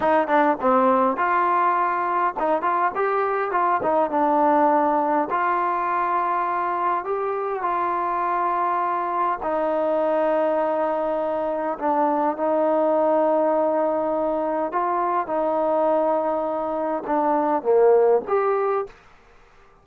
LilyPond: \new Staff \with { instrumentName = "trombone" } { \time 4/4 \tempo 4 = 102 dis'8 d'8 c'4 f'2 | dis'8 f'8 g'4 f'8 dis'8 d'4~ | d'4 f'2. | g'4 f'2. |
dis'1 | d'4 dis'2.~ | dis'4 f'4 dis'2~ | dis'4 d'4 ais4 g'4 | }